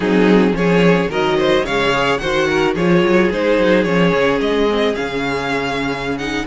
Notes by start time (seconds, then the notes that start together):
0.00 F#3 C4 D#4 G#4
0.52 F3 C#4 G#4 C#5
1.07 D#3 F#3 A#4 D#5
1.37 C5
1.65 C#3 G#3 C#5 F5
1.92 G#4
2.18 D#3 F#4 C5 F#5
2.49 A#4
2.74 F3 F4 G#4 C#5
3.02 F#3
3.30 G#3 D#4 C5
3.57 F#3
3.83 F3 C#4 C#5
4.13 C#3
4.40 G#3 D#5
4.69 C4
4.94 C#3 C#4 F5
6.18 D#4 F#5